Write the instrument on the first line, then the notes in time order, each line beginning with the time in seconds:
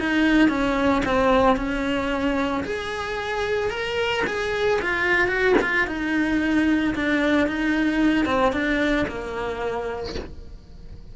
cello
0.00 D#4
0.49 C#4
1.06 C4
1.57 C#4
2.64 G#4
3.71 A#4
4.27 G#4
4.82 F4
5.28 F#4
5.62 F4
5.88 D#4
6.96 D4
7.48 D#4
8.26 C4
8.53 D4
9.08 A#3